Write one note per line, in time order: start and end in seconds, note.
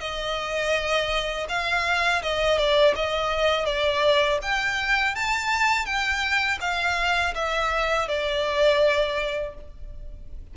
0.00 1.46 D#5
1.49 2.22 F5
2.22 2.57 D#5
2.57 2.94 D5
2.95 3.65 D#5
3.65 4.38 D5
4.42 5.15 G5
5.15 5.85 A5
5.85 6.58 G5
6.61 7.34 F5
7.34 8.08 E5
8.08 9.54 D5